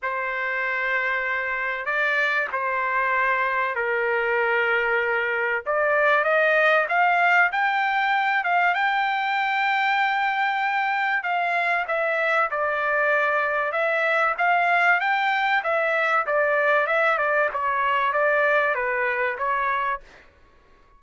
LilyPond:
\new Staff \with { instrumentName = "trumpet" } { \time 4/4 \tempo 4 = 96 c''2. d''4 | c''2 ais'2~ | ais'4 d''4 dis''4 f''4 | g''4. f''8 g''2~ |
g''2 f''4 e''4 | d''2 e''4 f''4 | g''4 e''4 d''4 e''8 d''8 | cis''4 d''4 b'4 cis''4 | }